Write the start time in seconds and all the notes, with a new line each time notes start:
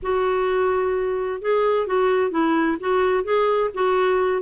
0.02 F#4
1.41 G#4
1.86 F#4
2.30 E4
2.80 F#4
3.23 G#4
3.73 F#4